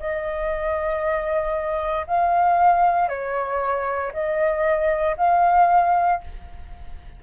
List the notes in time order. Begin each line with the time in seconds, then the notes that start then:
0.00 D#5
2.07 F5
3.09 C#5
4.13 D#5
5.18 F5